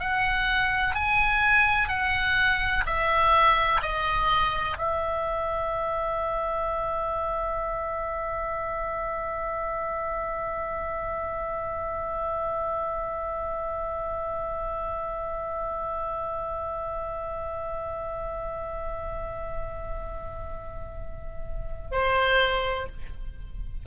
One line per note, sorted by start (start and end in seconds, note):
0.00 0.95 F#5
0.95 1.89 G#5
1.89 2.84 F#5
2.86 3.81 E5
3.82 4.77 D#5
4.78 21.91 E5
21.91 22.87 C5